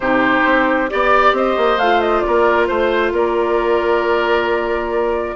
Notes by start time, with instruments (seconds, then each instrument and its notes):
0.00 bassoon C3, clarinet D#4, oboe G4, flute C5
0.45 bassoon C4
0.89 bassoon B3, clarinet G4, flute D5, oboe D5
1.32 bassoon C4, oboe C5, flute D#5
1.57 bassoon A#3
1.77 bassoon A3, clarinet F4, flute F5
2.01 flute D#5
2.20 oboe A#4, flute D5
2.27 bassoon A#3
2.67 bassoon A3, flute C5, oboe C5
3.12 bassoon A#3, oboe A#4, flute D5